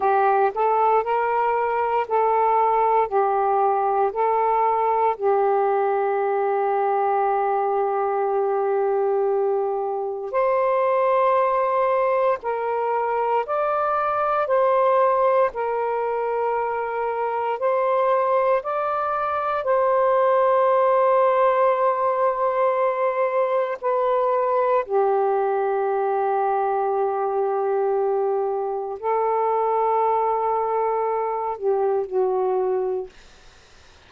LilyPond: \new Staff \with { instrumentName = "saxophone" } { \time 4/4 \tempo 4 = 58 g'8 a'8 ais'4 a'4 g'4 | a'4 g'2.~ | g'2 c''2 | ais'4 d''4 c''4 ais'4~ |
ais'4 c''4 d''4 c''4~ | c''2. b'4 | g'1 | a'2~ a'8 g'8 fis'4 | }